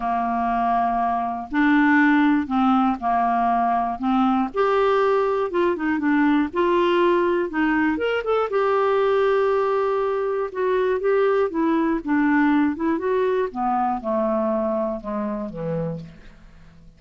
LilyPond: \new Staff \with { instrumentName = "clarinet" } { \time 4/4 \tempo 4 = 120 ais2. d'4~ | d'4 c'4 ais2 | c'4 g'2 f'8 dis'8 | d'4 f'2 dis'4 |
ais'8 a'8 g'2.~ | g'4 fis'4 g'4 e'4 | d'4. e'8 fis'4 b4 | a2 gis4 e4 | }